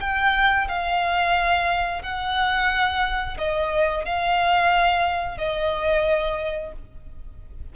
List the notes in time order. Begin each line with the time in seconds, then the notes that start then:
0.00 G5
0.68 F5
2.02 F#5
3.37 D#5
4.05 F5
5.38 D#5